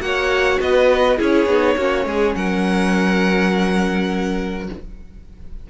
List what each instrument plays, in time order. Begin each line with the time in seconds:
0.00 cello A#3, viola F#4, violin C#5 F#5
0.59 cello B3, violin B4 D#5
1.17 cello C#4, viola E4, violin G#4 C#5
1.46 cello B3, viola D#4
1.76 cello A#3, viola C#4, violin F#4
2.05 cello G#3, violin G#4
2.35 cello F#3, violin A#4 F#5